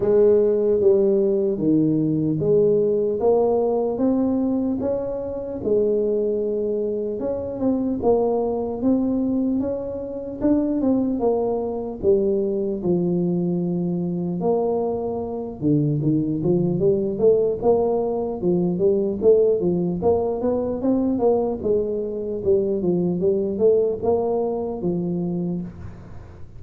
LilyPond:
\new Staff \with { instrumentName = "tuba" } { \time 4/4 \tempo 4 = 75 gis4 g4 dis4 gis4 | ais4 c'4 cis'4 gis4~ | gis4 cis'8 c'8 ais4 c'4 | cis'4 d'8 c'8 ais4 g4 |
f2 ais4. d8 | dis8 f8 g8 a8 ais4 f8 g8 | a8 f8 ais8 b8 c'8 ais8 gis4 | g8 f8 g8 a8 ais4 f4 | }